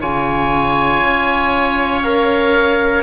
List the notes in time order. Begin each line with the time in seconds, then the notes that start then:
0.00 C#3 F4 C#5 G#5
1.03 C#4
2.02 A#4 F5